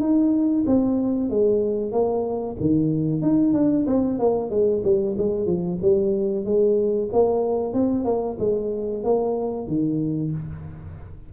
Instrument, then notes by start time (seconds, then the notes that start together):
tuba
0.00 D#4
0.67 C4
1.30 G#3
1.92 A#3
2.60 D#3
3.22 D#4
3.54 D4
3.87 C4
4.19 A#3
4.50 G#3
4.84 G3
5.18 G#3
5.46 F3
5.82 G3
6.45 G#3
7.13 A#3
7.74 C4
8.05 A#3
8.39 G#3
9.04 A#3
9.67 D#3